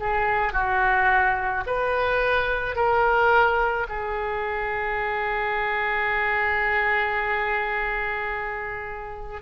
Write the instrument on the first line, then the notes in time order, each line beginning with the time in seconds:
oboe
0.00 G#4
0.53 F#4
1.67 B4
2.76 A#4
3.89 G#4